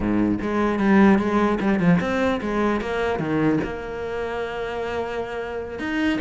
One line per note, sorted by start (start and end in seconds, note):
0.00 0.38 G#2
0.41 0.79 G#3
0.79 1.19 G3
1.19 1.59 G#3
1.60 1.79 G3
1.79 1.99 F3
2.00 2.40 C4
2.41 2.80 G#3
2.80 3.19 A#3
3.19 3.59 D#3
3.63 5.79 A#3
5.79 6.19 D#4